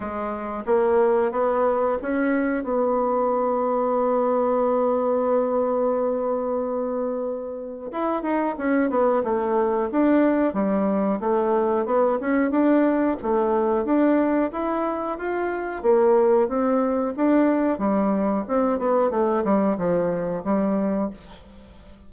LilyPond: \new Staff \with { instrumentName = "bassoon" } { \time 4/4 \tempo 4 = 91 gis4 ais4 b4 cis'4 | b1~ | b1 | e'8 dis'8 cis'8 b8 a4 d'4 |
g4 a4 b8 cis'8 d'4 | a4 d'4 e'4 f'4 | ais4 c'4 d'4 g4 | c'8 b8 a8 g8 f4 g4 | }